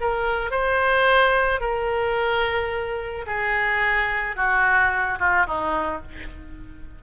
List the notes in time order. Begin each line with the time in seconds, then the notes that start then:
0.00 A#4
0.51 C5
1.60 A#4
3.26 G#4
4.36 F#4
5.19 F4
5.46 D#4